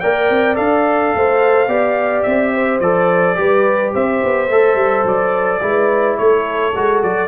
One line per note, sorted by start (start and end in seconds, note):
0.00 0.30 A#3
0.00 0.54 A#4
0.00 1.14 D5
0.00 0.56 G5
0.30 0.58 C4
0.54 1.14 D4
0.54 1.66 A4
0.54 2.23 F5
1.15 1.68 A3
1.15 1.68 C5
1.68 2.24 B3
1.68 2.81 G4
1.68 2.52 D5
2.23 2.80 C4
2.23 2.79 E5
2.54 3.38 C5
2.80 3.36 F3
2.80 3.36 A4
2.80 3.92 D5
3.36 3.94 G3
3.36 4.48 G4
3.36 3.94 B4
3.94 4.23 C4
3.94 5.62 C5
3.94 5.07 E5
4.24 4.49 B3
4.49 4.75 A3
4.49 5.61 A4
4.75 5.03 G3
5.04 5.60 F#3
5.04 6.18 D5
5.61 6.18 G#3
5.61 6.73 E4
5.61 6.19 B4
6.18 6.75 A3
6.18 7.28 A4
6.18 7.02 C#5
6.75 7.03 G#3
6.75 7.28 F#4
7.03 7.28 F#3
7.03 7.28 D5